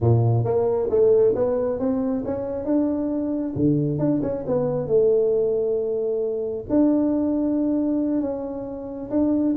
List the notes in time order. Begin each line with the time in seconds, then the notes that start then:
0.00 A#2
0.44 A#3
0.89 A3
1.35 B3
1.79 C4
2.25 C#4
2.64 D4
3.55 D3
3.98 D4
4.22 C#4
4.46 B3
4.87 A3
6.69 D4
8.21 C#4
9.10 D4